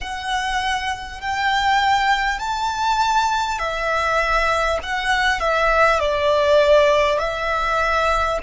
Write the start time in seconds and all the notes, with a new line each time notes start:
0.00 F#5
1.20 G5
2.39 A5
3.58 E5
4.82 F#5
5.39 E5
5.99 D5
7.18 E5